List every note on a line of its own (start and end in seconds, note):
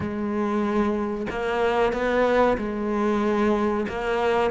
0.00 1.26 G#3
1.30 1.92 A#3
1.92 2.57 B3
2.57 3.86 G#3
3.88 4.50 A#3